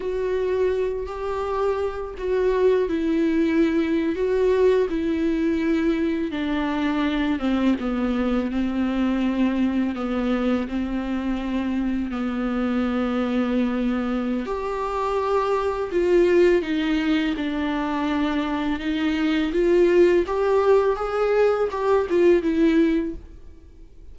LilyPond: \new Staff \with { instrumentName = "viola" } { \time 4/4 \tempo 4 = 83 fis'4. g'4. fis'4 | e'4.~ e'16 fis'4 e'4~ e'16~ | e'8. d'4. c'8 b4 c'16~ | c'4.~ c'16 b4 c'4~ c'16~ |
c'8. b2.~ b16 | g'2 f'4 dis'4 | d'2 dis'4 f'4 | g'4 gis'4 g'8 f'8 e'4 | }